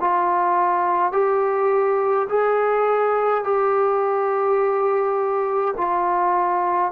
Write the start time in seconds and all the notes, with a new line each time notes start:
0.00 F4
1.12 G4
2.29 G#4
3.44 G4
5.76 F4